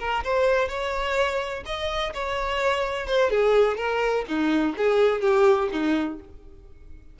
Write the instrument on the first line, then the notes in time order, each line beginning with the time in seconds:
violin
0.00 A#4
0.24 C5
0.69 C#5
1.66 D#5
2.15 C#5
3.07 C5
3.31 G#4
3.78 A#4
4.28 D#4
4.78 G#4
5.22 G4
5.72 D#4